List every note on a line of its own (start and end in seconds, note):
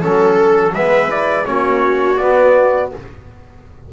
0.00 0.75 F#3
0.00 0.72 C#4
0.00 0.73 A4
0.00 0.74 A4
0.74 1.48 G#3
0.74 1.08 B3
0.74 1.46 B4
0.74 1.10 E5
1.08 1.45 E4
1.08 1.45 D5
1.45 2.20 A#3
1.45 2.18 C#4
1.45 2.92 F#4
1.45 2.17 C#5
2.17 2.91 B3
2.17 2.92 B3
2.17 2.90 D5